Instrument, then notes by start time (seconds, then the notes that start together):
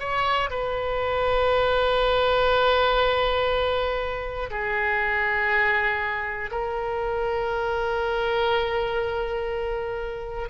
oboe
0.00 C#5
0.50 B4
4.50 G#4
6.51 A#4